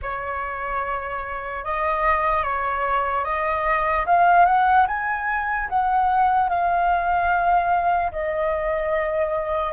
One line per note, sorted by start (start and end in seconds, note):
0.02 1.64 C#5
1.64 2.43 D#5
2.43 3.24 C#5
3.24 4.05 D#5
4.05 4.45 F5
4.45 4.86 F#5
4.87 5.68 G#5
5.69 6.49 F#5
6.49 8.11 F5
8.11 9.72 D#5